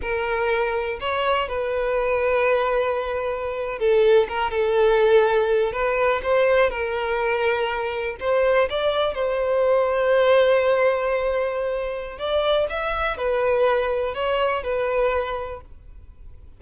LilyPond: \new Staff \with { instrumentName = "violin" } { \time 4/4 \tempo 4 = 123 ais'2 cis''4 b'4~ | b'2.~ b'8. a'16~ | a'8. ais'8 a'2~ a'8 b'16~ | b'8. c''4 ais'2~ ais'16~ |
ais'8. c''4 d''4 c''4~ c''16~ | c''1~ | c''4 d''4 e''4 b'4~ | b'4 cis''4 b'2 | }